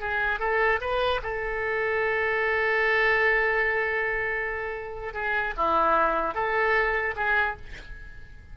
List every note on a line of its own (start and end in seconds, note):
0.00 0.39 G#4
0.39 0.80 A4
0.81 1.21 B4
1.23 5.14 A4
5.14 5.54 G#4
5.57 6.34 E4
6.34 7.15 A4
7.16 7.56 G#4